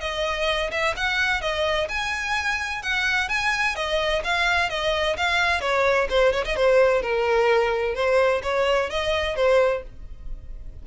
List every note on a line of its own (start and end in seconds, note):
0.00 0.70 D#5
0.71 0.94 E5
0.96 1.41 F#5
1.41 1.88 D#5
1.88 2.82 G#5
2.82 3.29 F#5
3.29 3.75 G#5
3.75 4.22 D#5
4.24 4.69 F5
4.69 5.16 D#5
5.16 5.60 F5
5.60 6.07 C#5
6.09 6.32 C5
6.32 6.44 C#5
6.44 6.56 D#5
6.56 7.01 C5
7.01 7.94 A#4
7.94 8.41 C5
8.42 8.89 C#5
8.89 9.36 D#5
9.36 9.82 C5